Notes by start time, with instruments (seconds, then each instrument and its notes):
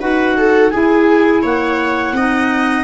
0.00 tuba D#4, clarinet F#4 F#5, viola B4
0.36 viola A4
0.70 clarinet E4 G#5, tuba E4, viola G#4
1.42 tuba A#3, viola C#5, clarinet F#5
2.12 tuba C4, clarinet D#4, viola D#5